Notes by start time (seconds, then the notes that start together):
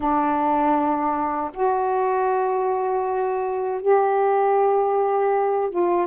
0.00 D4
1.53 F#4
3.81 G4
5.70 F4